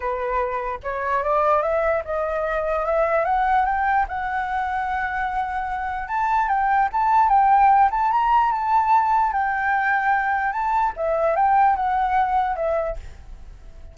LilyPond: \new Staff \with { instrumentName = "flute" } { \time 4/4 \tempo 4 = 148 b'2 cis''4 d''4 | e''4 dis''2 e''4 | fis''4 g''4 fis''2~ | fis''2. a''4 |
g''4 a''4 g''4. a''8 | ais''4 a''2 g''4~ | g''2 a''4 e''4 | g''4 fis''2 e''4 | }